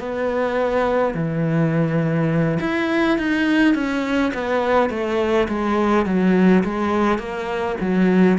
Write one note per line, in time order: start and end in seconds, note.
0.00 1.14 B3
1.14 2.59 E3
2.61 3.18 E4
3.18 3.75 D#4
3.75 4.33 C#4
4.34 4.90 B3
4.90 5.48 A3
5.49 6.06 G#3
6.06 6.64 F#3
6.64 7.19 G#3
7.19 7.76 A#3
7.81 8.39 F#3